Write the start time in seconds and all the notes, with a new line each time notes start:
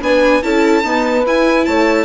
0.00 B3 D4 B4 G#5
0.42 C#4 E4 A4 A5
0.83 B3 D#4 B4
1.25 E4 G#5
1.65 A3 C#5 A5